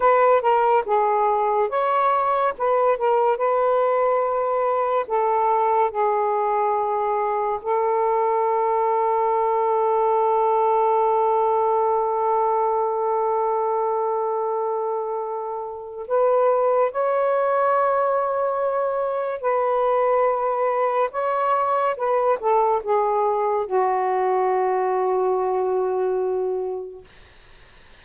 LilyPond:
\new Staff \with { instrumentName = "saxophone" } { \time 4/4 \tempo 4 = 71 b'8 ais'8 gis'4 cis''4 b'8 ais'8 | b'2 a'4 gis'4~ | gis'4 a'2.~ | a'1~ |
a'2. b'4 | cis''2. b'4~ | b'4 cis''4 b'8 a'8 gis'4 | fis'1 | }